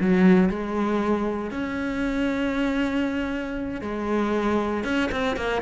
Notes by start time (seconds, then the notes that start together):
0.00 F#3
0.49 G#3
1.51 C#4
3.82 G#3
4.84 C#4
5.12 C4
5.37 A#3